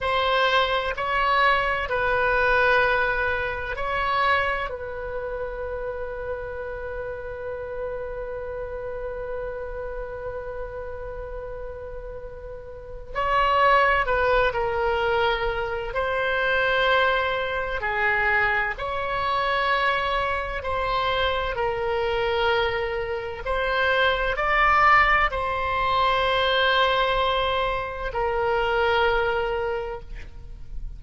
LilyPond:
\new Staff \with { instrumentName = "oboe" } { \time 4/4 \tempo 4 = 64 c''4 cis''4 b'2 | cis''4 b'2.~ | b'1~ | b'2 cis''4 b'8 ais'8~ |
ais'4 c''2 gis'4 | cis''2 c''4 ais'4~ | ais'4 c''4 d''4 c''4~ | c''2 ais'2 | }